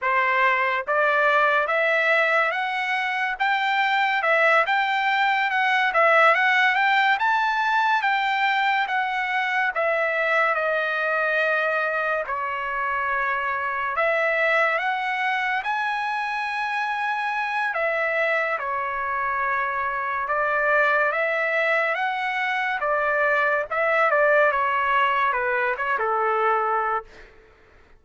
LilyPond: \new Staff \with { instrumentName = "trumpet" } { \time 4/4 \tempo 4 = 71 c''4 d''4 e''4 fis''4 | g''4 e''8 g''4 fis''8 e''8 fis''8 | g''8 a''4 g''4 fis''4 e''8~ | e''8 dis''2 cis''4.~ |
cis''8 e''4 fis''4 gis''4.~ | gis''4 e''4 cis''2 | d''4 e''4 fis''4 d''4 | e''8 d''8 cis''4 b'8 cis''16 a'4~ a'16 | }